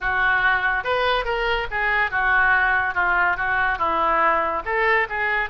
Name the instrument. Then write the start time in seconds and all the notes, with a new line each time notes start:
oboe
0.00 F#4
0.84 B4
1.24 A#4
1.71 G#4
2.10 F#4
2.94 F4
3.36 F#4
3.78 E4
4.65 A4
5.09 G#4